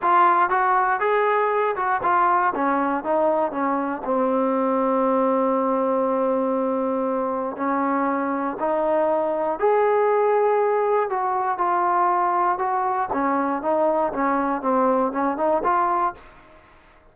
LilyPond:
\new Staff \with { instrumentName = "trombone" } { \time 4/4 \tempo 4 = 119 f'4 fis'4 gis'4. fis'8 | f'4 cis'4 dis'4 cis'4 | c'1~ | c'2. cis'4~ |
cis'4 dis'2 gis'4~ | gis'2 fis'4 f'4~ | f'4 fis'4 cis'4 dis'4 | cis'4 c'4 cis'8 dis'8 f'4 | }